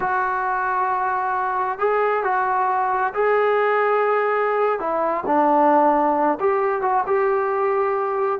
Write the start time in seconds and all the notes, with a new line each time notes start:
0.00 F#4
1.78 G#4
2.23 F#4
3.13 G#4
4.79 E4
5.26 D4
6.40 G4
6.81 F#4
7.06 G4